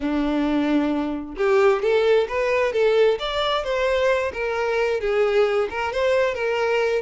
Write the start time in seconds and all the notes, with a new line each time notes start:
0.00 D4
1.36 G4
1.82 A4
2.28 B4
2.72 A4
3.19 D5
3.63 C5
4.33 A#4
5.00 G#4
5.70 A#4
5.92 C5
6.34 A#4